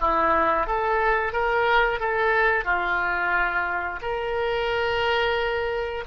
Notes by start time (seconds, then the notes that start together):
0.00 E4
0.66 A4
1.32 A#4
1.99 A4
2.64 F4
4.02 A#4